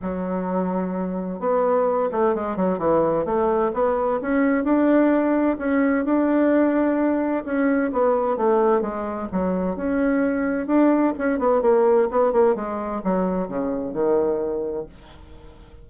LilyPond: \new Staff \with { instrumentName = "bassoon" } { \time 4/4 \tempo 4 = 129 fis2. b4~ | b8 a8 gis8 fis8 e4 a4 | b4 cis'4 d'2 | cis'4 d'2. |
cis'4 b4 a4 gis4 | fis4 cis'2 d'4 | cis'8 b8 ais4 b8 ais8 gis4 | fis4 cis4 dis2 | }